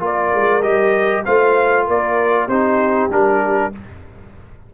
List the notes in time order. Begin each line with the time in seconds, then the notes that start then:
0.00 A#3 F4 A#4 D5
0.34 G#3
0.62 G3 G4 D#5
1.25 A3 F4 C5 F5
1.86 A#3 A#4 D5
2.47 C4 D#4 G4 C5
3.10 G3 D4 A#4